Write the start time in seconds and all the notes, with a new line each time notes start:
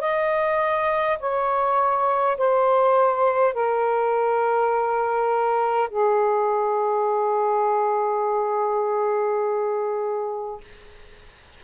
0.00 D#5
1.19 C#5
2.37 C5
3.53 A#4
5.90 G#4